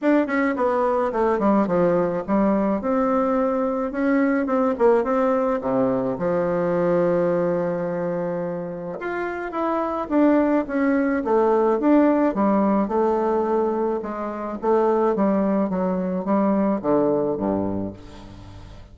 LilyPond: \new Staff \with { instrumentName = "bassoon" } { \time 4/4 \tempo 4 = 107 d'8 cis'8 b4 a8 g8 f4 | g4 c'2 cis'4 | c'8 ais8 c'4 c4 f4~ | f1 |
f'4 e'4 d'4 cis'4 | a4 d'4 g4 a4~ | a4 gis4 a4 g4 | fis4 g4 d4 g,4 | }